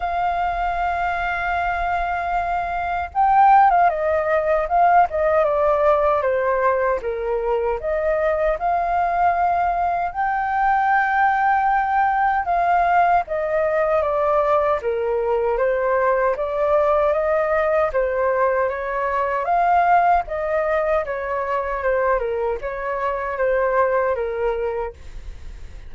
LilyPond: \new Staff \with { instrumentName = "flute" } { \time 4/4 \tempo 4 = 77 f''1 | g''8. f''16 dis''4 f''8 dis''8 d''4 | c''4 ais'4 dis''4 f''4~ | f''4 g''2. |
f''4 dis''4 d''4 ais'4 | c''4 d''4 dis''4 c''4 | cis''4 f''4 dis''4 cis''4 | c''8 ais'8 cis''4 c''4 ais'4 | }